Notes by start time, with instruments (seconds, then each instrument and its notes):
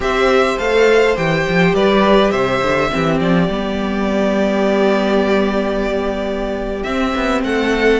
0.00 cello C4, viola G4, violin C5 E5
0.57 cello A3, viola A4, violin F5
1.16 cello E3, viola G4, violin G5
1.48 cello F3
1.73 cello G3, violin B4 D5
2.30 cello C3, violin C5 E5
2.62 cello D3
2.90 cello E3, viola C4, violin G4
3.20 cello F3, violin D5
3.48 cello G3, viola B3
6.82 cello C4, viola C4, violin E5
7.15 cello B3
7.43 cello A3, violin A4 F#5